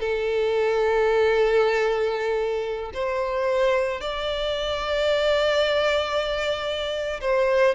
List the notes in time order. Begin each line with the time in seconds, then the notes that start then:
0.00 A4
2.94 C5
4.01 D5
7.21 C5